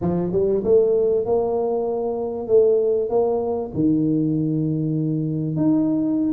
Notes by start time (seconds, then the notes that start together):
0.01 F3
0.32 G3
0.64 A3
1.25 A#3
2.47 A3
3.09 A#3
3.73 D#3
5.56 D#4